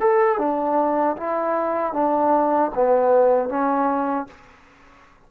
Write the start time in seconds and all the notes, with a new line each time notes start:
0.00 A4
0.38 D4
1.16 E4
1.93 D4
2.74 B3
3.49 C#4